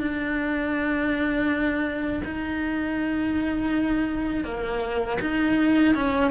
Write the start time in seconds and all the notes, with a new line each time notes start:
0.00 D4
2.25 D#4
4.45 A#3
5.21 D#4
5.95 C#4